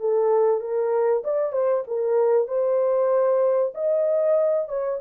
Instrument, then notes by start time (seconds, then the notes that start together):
horn
0.00 A4
0.60 A#4
1.24 D5
1.53 C5
1.87 A#4
2.48 C5
3.74 D#5
4.68 C#5